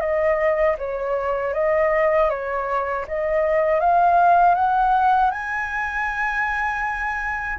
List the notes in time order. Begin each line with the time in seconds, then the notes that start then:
0.00 D#5
0.78 C#5
1.53 D#5
2.29 C#5
3.07 D#5
3.79 F5
4.55 F#5
5.31 G#5